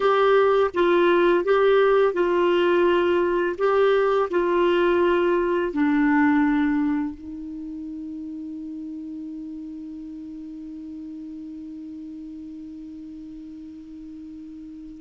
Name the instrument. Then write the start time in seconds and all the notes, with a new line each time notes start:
clarinet
0.00 G4
0.73 F4
1.44 G4
2.13 F4
3.57 G4
4.30 F4
5.72 D4
7.15 D#4